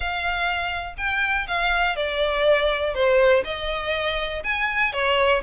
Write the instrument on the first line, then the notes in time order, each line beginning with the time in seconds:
violin
0.00 F5
0.97 G5
1.47 F5
1.96 D5
2.94 C5
3.44 D#5
4.44 G#5
4.92 C#5